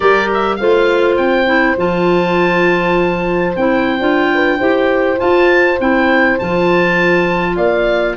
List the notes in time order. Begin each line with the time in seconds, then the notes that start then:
0.00 G3 G4 A#4 D5
0.33 E5
0.55 A3 F4 C5 F5
1.17 C4 G5
1.45 E4
1.77 F3 F4 A5
3.56 C4 E4 G5
3.99 D4 F4
4.33 B4
4.58 E4 G4 C5
5.16 F4 A5
5.80 C4 E4 G5
6.38 F3 F4 A5
7.55 A#3 D5 F5